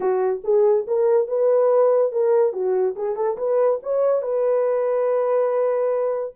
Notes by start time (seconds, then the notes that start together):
0.00 F#4
0.44 G#4
0.87 A#4
1.27 B4
2.12 A#4
2.52 F#4
2.96 G#4
3.16 A4
3.37 B4
3.82 C#5
4.22 B4